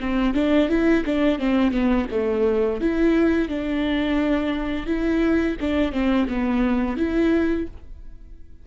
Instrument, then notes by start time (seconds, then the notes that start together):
viola
0.00 C4
0.34 D4
0.69 E4
1.05 D4
1.39 C4
1.71 B3
2.11 A3
2.81 E4
3.48 D4
4.86 E4
5.60 D4
5.92 C4
6.28 B3
6.97 E4